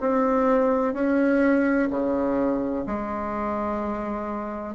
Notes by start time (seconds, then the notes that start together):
0.00 C4
0.93 C#4
1.90 C#3
2.86 G#3